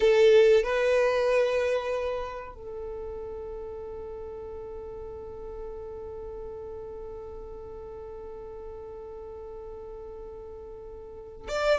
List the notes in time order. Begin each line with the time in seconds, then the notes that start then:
0.00 A4
0.63 B4
2.54 A4
11.48 D5